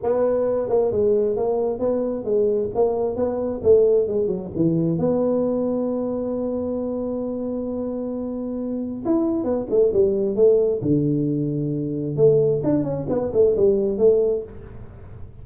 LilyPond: \new Staff \with { instrumentName = "tuba" } { \time 4/4 \tempo 4 = 133 b4. ais8 gis4 ais4 | b4 gis4 ais4 b4 | a4 gis8 fis8 e4 b4~ | b1~ |
b1 | e'4 b8 a8 g4 a4 | d2. a4 | d'8 cis'8 b8 a8 g4 a4 | }